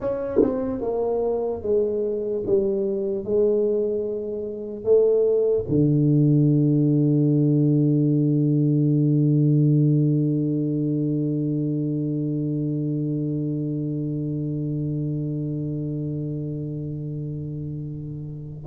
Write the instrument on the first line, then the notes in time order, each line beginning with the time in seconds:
tuba
0.00 C#4
0.42 C4
0.81 A#3
1.62 G#3
2.45 G3
3.24 G#3
4.84 A3
5.68 D3